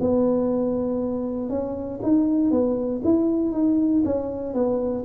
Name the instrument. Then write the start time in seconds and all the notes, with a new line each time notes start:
tuba
0.00 B3
1.49 C#4
2.02 D#4
2.51 B3
3.04 E4
3.52 D#4
4.05 C#4
4.53 B3